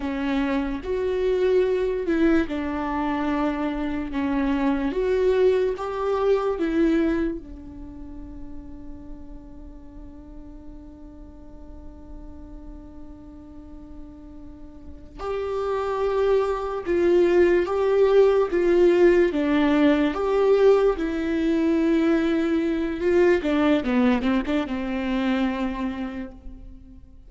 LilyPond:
\new Staff \with { instrumentName = "viola" } { \time 4/4 \tempo 4 = 73 cis'4 fis'4. e'8 d'4~ | d'4 cis'4 fis'4 g'4 | e'4 d'2.~ | d'1~ |
d'2~ d'8 g'4.~ | g'8 f'4 g'4 f'4 d'8~ | d'8 g'4 e'2~ e'8 | f'8 d'8 b8 c'16 d'16 c'2 | }